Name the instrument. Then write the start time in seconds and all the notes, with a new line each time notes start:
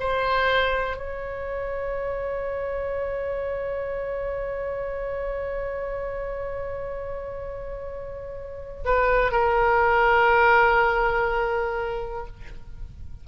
oboe
0.00 C5
0.97 C#5
8.85 B4
9.32 A#4